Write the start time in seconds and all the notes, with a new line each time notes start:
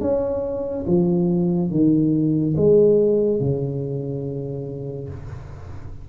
0.00 C#4
0.87 F3
1.70 D#3
2.56 G#3
3.40 C#3